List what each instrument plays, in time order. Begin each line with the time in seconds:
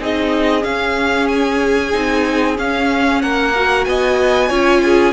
0.00 cello C4, viola D#4, violin G#4 D#5
0.62 viola C#4, cello C#4, violin F5
1.28 violin G#5
1.93 cello C4, viola D#4
2.56 viola C#4, cello C#4, violin F5
3.22 cello A#3, violin A#4 F#5
3.56 viola F#4
3.85 cello B3, violin D#5 G#5
4.49 cello C#4, viola F4, violin C#5
4.84 violin G#4